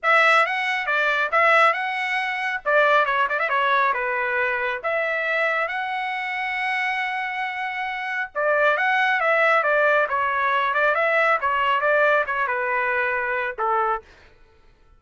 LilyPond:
\new Staff \with { instrumentName = "trumpet" } { \time 4/4 \tempo 4 = 137 e''4 fis''4 d''4 e''4 | fis''2 d''4 cis''8 d''16 e''16 | cis''4 b'2 e''4~ | e''4 fis''2.~ |
fis''2. d''4 | fis''4 e''4 d''4 cis''4~ | cis''8 d''8 e''4 cis''4 d''4 | cis''8 b'2~ b'8 a'4 | }